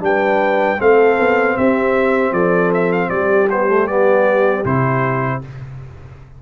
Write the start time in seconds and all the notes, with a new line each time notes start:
0.00 G3 D4 B4 G5
0.79 A3 C4 A4 F5
1.19 B3
1.57 C4 G4 E5
2.32 F3 A4 D5
2.74 E5
2.92 F5
3.09 G3 G4 D5
3.50 B3 C5
3.68 A3
3.87 B3 D5
4.65 C3 E4 C5